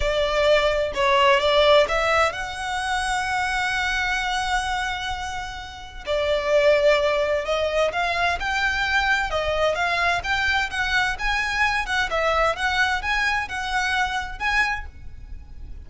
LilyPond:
\new Staff \with { instrumentName = "violin" } { \time 4/4 \tempo 4 = 129 d''2 cis''4 d''4 | e''4 fis''2.~ | fis''1~ | fis''4 d''2. |
dis''4 f''4 g''2 | dis''4 f''4 g''4 fis''4 | gis''4. fis''8 e''4 fis''4 | gis''4 fis''2 gis''4 | }